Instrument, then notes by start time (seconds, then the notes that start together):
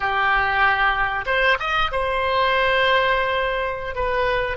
oboe
0.00 G4
1.26 C5
1.59 D#5
1.91 C5
3.95 B4